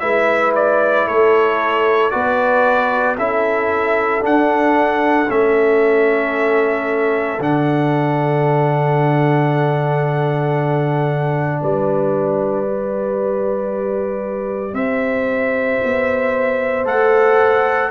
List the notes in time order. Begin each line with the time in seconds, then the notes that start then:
0.00 G#3 E4 B4 E5
0.56 D5
1.07 A3 A4 C#5
2.11 B3 F#4 B4 D5
3.18 C#4 E4 A4 E5
4.21 D4 F#5
5.29 A3 C#4 E5
7.40 D3 D4 F#5
11.62 G3 B4 D5
12.66 G4
14.73 C4 C5 E5
15.84 B3
16.85 A3 A4 F#5